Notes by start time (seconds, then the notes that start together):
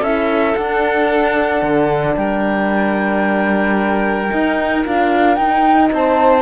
0.00 C#4 E4 A4 E5
0.56 D4 F#5
1.63 D3
2.17 G3 A#4 G5
4.29 D#4
4.85 D4 F4 F5
5.36 D#4 G5
5.93 C4 C5 A5